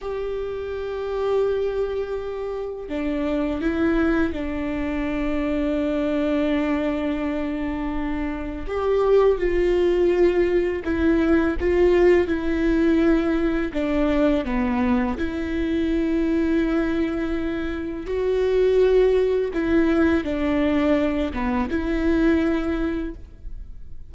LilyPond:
\new Staff \with { instrumentName = "viola" } { \time 4/4 \tempo 4 = 83 g'1 | d'4 e'4 d'2~ | d'1 | g'4 f'2 e'4 |
f'4 e'2 d'4 | b4 e'2.~ | e'4 fis'2 e'4 | d'4. b8 e'2 | }